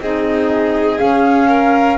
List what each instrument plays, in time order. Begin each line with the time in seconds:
0.00 double bass C4, clarinet D#4, violin G#4, flute D#5
0.97 clarinet C#4, double bass C#4, flute F5
1.47 violin A#4